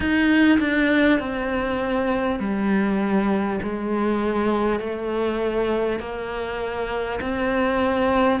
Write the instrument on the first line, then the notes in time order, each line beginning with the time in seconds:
cello
0.00 D#4
0.59 D4
1.19 C4
2.39 G3
3.62 G#3
4.79 A3
5.99 A#3
7.20 C4